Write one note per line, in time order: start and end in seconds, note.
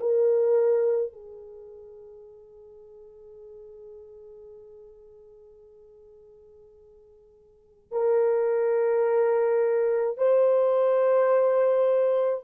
0.00 1.13 A#4
1.13 7.91 G#4
7.91 10.18 A#4
10.18 12.44 C5